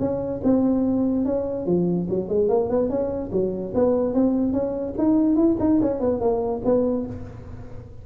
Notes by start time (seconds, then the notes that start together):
0.00 C#4
0.44 C4
1.26 C#4
1.67 F3
2.10 F#3
2.29 G#3
2.49 A#3
2.70 B3
2.90 C#4
3.32 F#3
3.75 B3
4.14 C4
4.53 C#4
4.98 D#4
5.36 E4
5.60 D#4
5.82 C#4
6.00 B3
6.21 A#3
6.65 B3